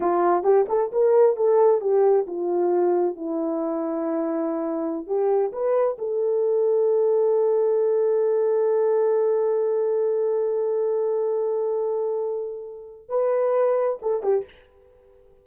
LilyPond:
\new Staff \with { instrumentName = "horn" } { \time 4/4 \tempo 4 = 133 f'4 g'8 a'8 ais'4 a'4 | g'4 f'2 e'4~ | e'2.~ e'16 g'8.~ | g'16 b'4 a'2~ a'8.~ |
a'1~ | a'1~ | a'1~ | a'4 b'2 a'8 g'8 | }